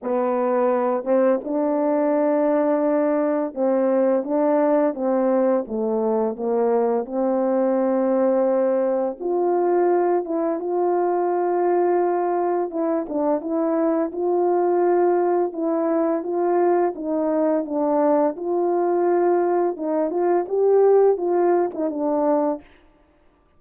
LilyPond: \new Staff \with { instrumentName = "horn" } { \time 4/4 \tempo 4 = 85 b4. c'8 d'2~ | d'4 c'4 d'4 c'4 | a4 ais4 c'2~ | c'4 f'4. e'8 f'4~ |
f'2 e'8 d'8 e'4 | f'2 e'4 f'4 | dis'4 d'4 f'2 | dis'8 f'8 g'4 f'8. dis'16 d'4 | }